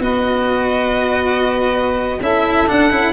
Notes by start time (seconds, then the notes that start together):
0.00 B3 F#4 B4 D#5
2.21 C#4 E4 A4 E5
2.67 D4 F#5
2.90 C#4 E4